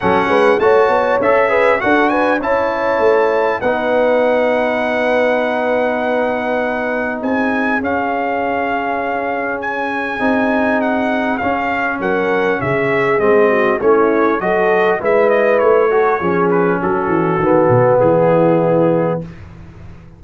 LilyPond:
<<
  \new Staff \with { instrumentName = "trumpet" } { \time 4/4 \tempo 4 = 100 fis''4 a''4 e''4 fis''8 gis''8 | a''2 fis''2~ | fis''1 | gis''4 f''2. |
gis''2 fis''4 f''4 | fis''4 e''4 dis''4 cis''4 | dis''4 e''8 dis''8 cis''4. b'8 | a'2 gis'2 | }
  \new Staff \with { instrumentName = "horn" } { \time 4/4 a'8 b'8 cis''4. b'8 a'8 b'8 | cis''2 b'2~ | b'1 | gis'1~ |
gis'1 | ais'4 gis'4. fis'8 e'4 | a'4 b'4. a'8 gis'4 | fis'2 e'2 | }
  \new Staff \with { instrumentName = "trombone" } { \time 4/4 cis'4 fis'4 a'8 gis'8 fis'4 | e'2 dis'2~ | dis'1~ | dis'4 cis'2.~ |
cis'4 dis'2 cis'4~ | cis'2 c'4 cis'4 | fis'4 e'4. fis'8 cis'4~ | cis'4 b2. | }
  \new Staff \with { instrumentName = "tuba" } { \time 4/4 fis8 gis8 a8 b8 cis'4 d'4 | cis'4 a4 b2~ | b1 | c'4 cis'2.~ |
cis'4 c'2 cis'4 | fis4 cis4 gis4 a4 | fis4 gis4 a4 f4 | fis8 e8 dis8 b,8 e2 | }
>>